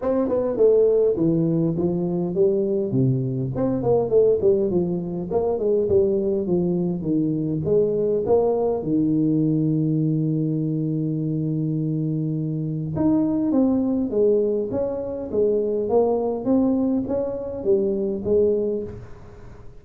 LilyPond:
\new Staff \with { instrumentName = "tuba" } { \time 4/4 \tempo 4 = 102 c'8 b8 a4 e4 f4 | g4 c4 c'8 ais8 a8 g8 | f4 ais8 gis8 g4 f4 | dis4 gis4 ais4 dis4~ |
dis1~ | dis2 dis'4 c'4 | gis4 cis'4 gis4 ais4 | c'4 cis'4 g4 gis4 | }